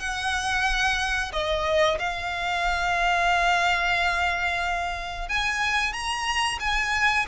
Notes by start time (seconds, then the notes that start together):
0.00 F#5
1.33 D#5
1.99 F5
5.29 G#5
5.93 A#5
6.60 G#5